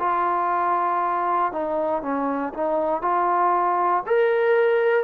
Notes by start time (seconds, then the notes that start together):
0.00 F4
1.53 D#4
2.02 C#4
2.54 D#4
3.02 F4
4.07 A#4